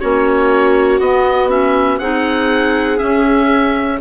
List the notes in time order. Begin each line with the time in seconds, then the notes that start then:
0.00 A#3 C#4 F#4 C#5
1.00 B3 D#5
1.49 C#4 E5
1.99 C4 D#4 G#4 F#5
2.98 C#4 E5